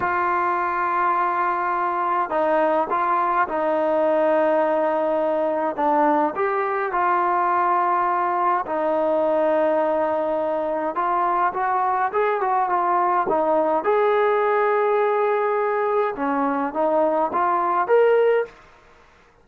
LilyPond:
\new Staff \with { instrumentName = "trombone" } { \time 4/4 \tempo 4 = 104 f'1 | dis'4 f'4 dis'2~ | dis'2 d'4 g'4 | f'2. dis'4~ |
dis'2. f'4 | fis'4 gis'8 fis'8 f'4 dis'4 | gis'1 | cis'4 dis'4 f'4 ais'4 | }